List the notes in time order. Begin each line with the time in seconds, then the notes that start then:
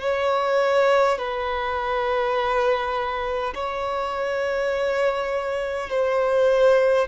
0.00 C#5
1.18 B4
3.55 C#5
5.90 C5